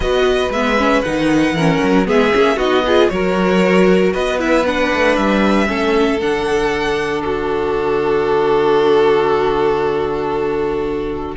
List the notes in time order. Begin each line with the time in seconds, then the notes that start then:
0.00 B3 F#4 B4 D#5
0.49 G#3 B3 E5
0.77 C#4
1.02 D#3 D#4 F#5
1.52 E3 A#4
1.58 C#4
1.83 F#3
2.05 G#3 B3 G#4 E5
2.32 A#3 C#4
2.56 B3 D#4 F#4 D#5
2.86 F4 G#4
3.09 F#3 F#4 A#4 C#5
4.12 B3 B4 D#5
4.38 E4 E5
4.66 D4 F#5
4.93 A3
5.16 G3 E5
5.66 A3 C#4 A4
6.21 D3 D4 F#5
7.21 F#4 A4